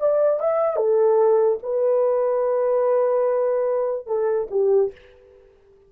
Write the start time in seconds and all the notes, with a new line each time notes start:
0.00 D5
0.40 E5
0.77 A4
1.63 B4
4.07 A4
4.51 G4